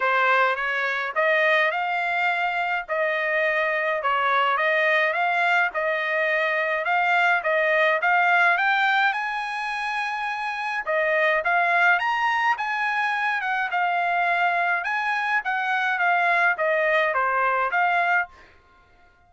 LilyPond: \new Staff \with { instrumentName = "trumpet" } { \time 4/4 \tempo 4 = 105 c''4 cis''4 dis''4 f''4~ | f''4 dis''2 cis''4 | dis''4 f''4 dis''2 | f''4 dis''4 f''4 g''4 |
gis''2. dis''4 | f''4 ais''4 gis''4. fis''8 | f''2 gis''4 fis''4 | f''4 dis''4 c''4 f''4 | }